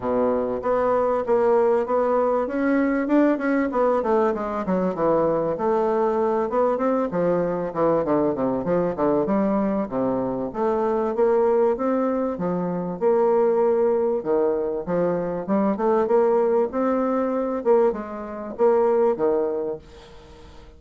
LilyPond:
\new Staff \with { instrumentName = "bassoon" } { \time 4/4 \tempo 4 = 97 b,4 b4 ais4 b4 | cis'4 d'8 cis'8 b8 a8 gis8 fis8 | e4 a4. b8 c'8 f8~ | f8 e8 d8 c8 f8 d8 g4 |
c4 a4 ais4 c'4 | f4 ais2 dis4 | f4 g8 a8 ais4 c'4~ | c'8 ais8 gis4 ais4 dis4 | }